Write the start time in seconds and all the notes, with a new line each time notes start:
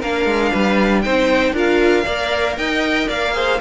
0.00 A#3 D4 A#4 F5
0.26 G#3
0.51 G3 B4
1.02 C4 D#4 C5 G5
1.53 D4 F4 A#4 F5
2.05 A#3 A#4 D5
2.58 D#4 D#5 G5
3.08 A#3 D5 F5
3.34 G#4 C5